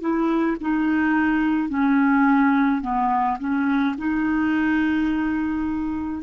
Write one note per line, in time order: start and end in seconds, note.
0.00 0.57 E4
0.60 1.69 D#4
1.69 2.81 C#4
2.81 3.38 B3
3.39 3.96 C#4
3.98 6.23 D#4